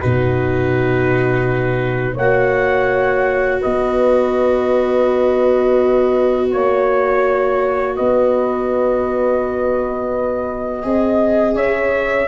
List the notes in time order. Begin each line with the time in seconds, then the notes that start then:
0.00 B2 D#4 F#4 B4
2.15 A#3 C#5 F#5
2.21 F#4
3.61 B3 B4 D#5
6.52 A#3 C#5
7.96 B3 B4 D#5
10.83 C4 G#4 D#5
11.55 C#4 C#5 E5